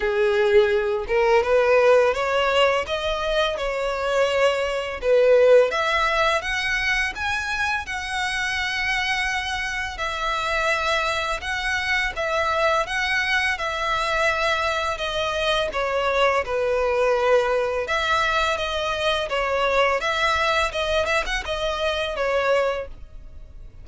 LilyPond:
\new Staff \with { instrumentName = "violin" } { \time 4/4 \tempo 4 = 84 gis'4. ais'8 b'4 cis''4 | dis''4 cis''2 b'4 | e''4 fis''4 gis''4 fis''4~ | fis''2 e''2 |
fis''4 e''4 fis''4 e''4~ | e''4 dis''4 cis''4 b'4~ | b'4 e''4 dis''4 cis''4 | e''4 dis''8 e''16 fis''16 dis''4 cis''4 | }